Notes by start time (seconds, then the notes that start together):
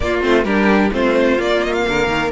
0.00 A#3 F4 D5
0.21 A3 C4 C5
0.43 G3 D4 G4 A#4
0.91 A3 C4 F4 C5
1.38 A#3 D5
1.62 D#5
1.72 F5
1.88 D3 A#4
2.07 D#3